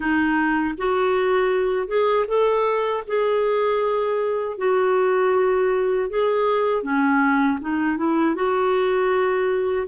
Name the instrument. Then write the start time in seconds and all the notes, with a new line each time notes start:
clarinet
0.00 D#4
0.77 F#4
1.87 G#4
2.28 A4
3.07 G#4
4.57 F#4
6.09 G#4
6.83 C#4
7.61 D#4
7.97 E4
8.35 F#4